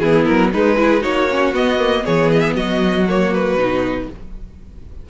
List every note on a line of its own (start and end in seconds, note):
0.00 0.27 E3
0.00 0.53 B3
0.00 0.52 E4
0.00 0.25 G#4
0.25 0.54 F#3
0.25 0.51 A#4
0.52 0.77 G#3
0.52 1.05 G#3
0.52 0.78 D#4
0.52 1.03 B4
0.77 1.02 E4
0.77 1.01 G#4
1.01 1.53 A#3
1.01 1.27 D#4
1.01 2.03 F#4
1.01 1.54 C#5
1.31 1.54 C#4
1.53 2.04 B3
1.53 1.79 B3
1.53 2.06 D#5
1.79 2.04 A#3
2.04 2.56 E3
2.04 3.06 B3
2.04 2.56 G#4
2.04 2.31 C#5
2.33 2.40 D#5
2.40 2.53 E5
2.56 3.56 F#3
2.56 4.09 F#4
2.56 3.07 D#5
3.09 3.59 A#3
3.09 3.34 C#5
3.34 4.10 B4
3.56 4.07 B2
3.56 4.10 D#4